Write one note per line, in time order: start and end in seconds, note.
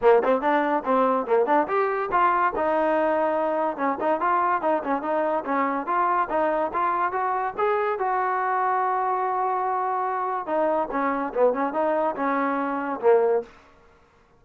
0.01 0.22 A#3
0.24 0.41 C4
0.41 0.83 D4
0.85 1.26 C4
1.26 1.46 A#3
1.46 1.67 D4
1.67 2.09 G4
2.11 2.53 F4
2.56 3.76 D#4
3.76 3.97 C#4
4.00 4.20 D#4
4.20 4.61 F4
4.61 4.82 D#4
4.83 5.02 C#4
5.02 5.44 D#4
5.44 5.86 C#4
5.86 6.28 F4
6.29 6.71 D#4
6.73 7.12 F4
7.12 7.54 F#4
7.57 7.98 G#4
7.98 10.46 F#4
10.46 10.88 D#4
10.91 11.33 C#4
11.34 11.53 B3
11.53 11.73 C#4
11.73 12.15 D#4
12.16 13.00 C#4
13.00 13.42 A#3